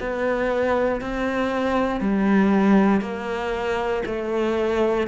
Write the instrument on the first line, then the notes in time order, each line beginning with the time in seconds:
cello
0.00 B3
1.01 C4
2.00 G3
3.00 A#3
4.05 A3